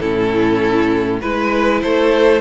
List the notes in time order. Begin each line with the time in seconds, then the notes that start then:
0.00 A2 C#4 E4 A4
1.21 G#3 E4 B4
1.81 A3 A4 C5